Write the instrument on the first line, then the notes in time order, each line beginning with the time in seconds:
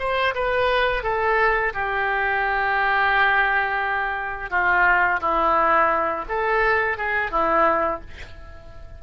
oboe
0.00 C5
0.35 B4
1.03 A4
1.74 G4
4.51 F4
5.21 E4
6.29 A4
6.98 G#4
7.31 E4